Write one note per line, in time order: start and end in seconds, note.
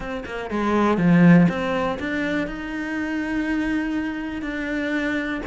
0.00 0.24 C4
0.25 0.50 A#3
0.50 0.97 G#3
0.97 1.47 F3
1.48 1.98 C4
1.99 2.47 D4
2.47 4.42 D#4
4.42 5.41 D4